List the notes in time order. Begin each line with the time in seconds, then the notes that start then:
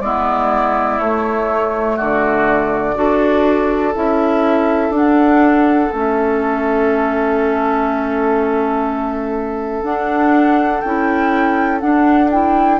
0.00 G#3 B3 E4 D5
0.99 A3 C#5
1.96 D3 F#4 D5
2.94 D4 F#4 A4
3.94 C#4 E4 E5
4.90 D4 F#5
5.91 A3 C#4 E5
9.83 D4 F#5
10.80 C#4 E4 G5
11.80 D4 F#5
12.31 E4 G5